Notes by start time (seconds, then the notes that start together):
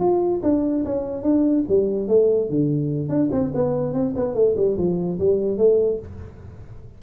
0.00 F4
0.43 D4
0.85 C#4
1.23 D4
1.69 G3
2.09 A3
2.50 D3
3.09 D4
3.32 C4
3.55 B3
3.94 C4
4.16 B3
4.35 A3
4.57 G3
4.78 F3
5.19 G3
5.58 A3